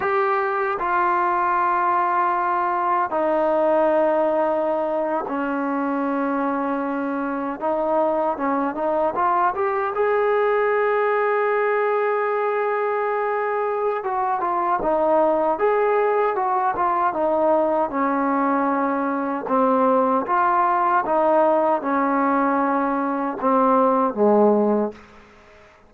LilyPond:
\new Staff \with { instrumentName = "trombone" } { \time 4/4 \tempo 4 = 77 g'4 f'2. | dis'2~ dis'8. cis'4~ cis'16~ | cis'4.~ cis'16 dis'4 cis'8 dis'8 f'16~ | f'16 g'8 gis'2.~ gis'16~ |
gis'2 fis'8 f'8 dis'4 | gis'4 fis'8 f'8 dis'4 cis'4~ | cis'4 c'4 f'4 dis'4 | cis'2 c'4 gis4 | }